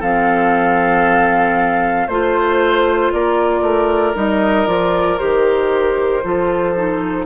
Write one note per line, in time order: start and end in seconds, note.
0.00 2.08 F3
0.00 2.08 C4
0.00 2.07 A4
0.00 2.07 F5
2.07 3.12 A3
2.07 4.15 F4
2.07 3.11 C5
2.07 3.13 C5
3.12 3.61 A#3
3.12 6.24 A#4
3.12 4.16 D5
3.61 4.13 A3
4.15 4.67 G3
4.15 4.67 D#4
4.15 4.67 D#5
4.67 5.19 F3
4.67 5.18 F4
4.67 5.18 D5
5.18 6.24 D#3
5.18 6.22 G4
5.18 7.25 C5
6.23 7.25 F3
6.23 6.75 F4
6.23 7.25 A4
6.75 7.25 D#4